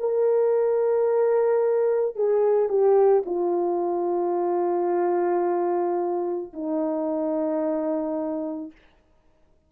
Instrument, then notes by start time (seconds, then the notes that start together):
horn
0.00 A#4
2.16 G#4
2.69 G4
3.26 F4
6.54 D#4